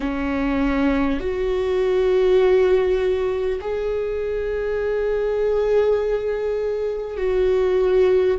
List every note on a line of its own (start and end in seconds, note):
0.00 1.19 C#4
1.19 3.59 F#4
3.61 7.17 G#4
7.17 8.37 F#4